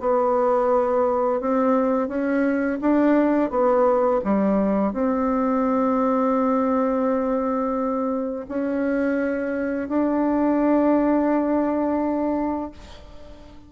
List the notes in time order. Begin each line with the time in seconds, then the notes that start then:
0.00 B3
1.40 C4
2.08 C#4
2.80 D4
3.50 B3
4.24 G3
4.93 C4
8.48 C#4
9.88 D4